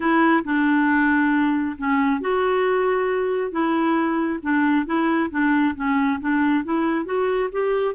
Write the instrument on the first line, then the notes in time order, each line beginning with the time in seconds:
clarinet
0.00 E4
0.44 D4
1.78 C#4
2.20 F#4
3.51 E4
4.42 D4
4.86 E4
5.30 D4
5.75 C#4
6.20 D4
6.64 E4
7.05 F#4
7.52 G4